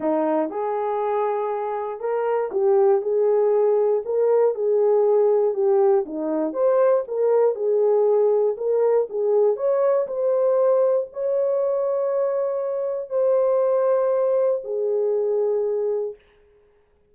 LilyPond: \new Staff \with { instrumentName = "horn" } { \time 4/4 \tempo 4 = 119 dis'4 gis'2. | ais'4 g'4 gis'2 | ais'4 gis'2 g'4 | dis'4 c''4 ais'4 gis'4~ |
gis'4 ais'4 gis'4 cis''4 | c''2 cis''2~ | cis''2 c''2~ | c''4 gis'2. | }